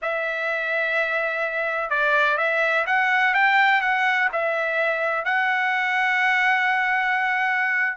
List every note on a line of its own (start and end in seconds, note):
0.02 1.89 E5
1.89 2.37 D5
2.37 2.85 E5
2.86 3.34 F#5
3.34 3.81 G5
3.81 4.29 F#5
4.32 5.24 E5
5.24 7.97 F#5